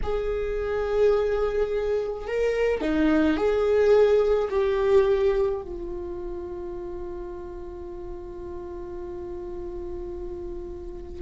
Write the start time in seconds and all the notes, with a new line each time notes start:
0.02 G#4
2.27 A#4
2.81 D#4
3.36 G#4
4.50 G4
5.61 F4